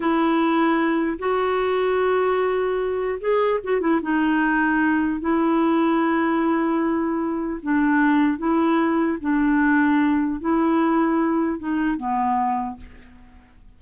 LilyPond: \new Staff \with { instrumentName = "clarinet" } { \time 4/4 \tempo 4 = 150 e'2. fis'4~ | fis'1 | gis'4 fis'8 e'8 dis'2~ | dis'4 e'2.~ |
e'2. d'4~ | d'4 e'2 d'4~ | d'2 e'2~ | e'4 dis'4 b2 | }